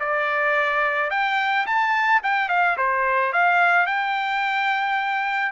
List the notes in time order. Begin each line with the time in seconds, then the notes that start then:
0.00 D5
1.11 G5
1.67 A5
2.23 G5
2.49 F5
2.78 C5
3.33 F5
3.87 G5